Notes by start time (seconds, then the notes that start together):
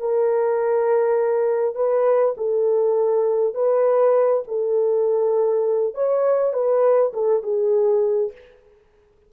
0.00 A#4
1.76 B4
2.38 A4
3.55 B4
4.48 A4
5.95 C#5
6.53 B4
7.13 A4
7.43 G#4